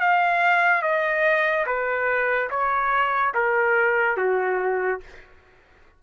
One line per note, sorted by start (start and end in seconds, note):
0.00 0.82 F5
0.82 1.65 D#5
1.66 2.50 B4
2.50 3.33 C#5
3.34 4.17 A#4
4.17 5.00 F#4